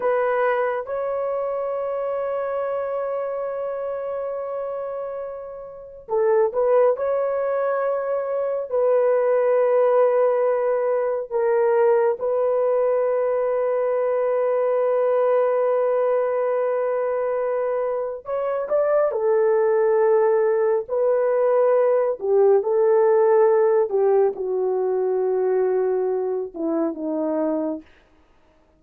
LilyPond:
\new Staff \with { instrumentName = "horn" } { \time 4/4 \tempo 4 = 69 b'4 cis''2.~ | cis''2. a'8 b'8 | cis''2 b'2~ | b'4 ais'4 b'2~ |
b'1~ | b'4 cis''8 d''8 a'2 | b'4. g'8 a'4. g'8 | fis'2~ fis'8 e'8 dis'4 | }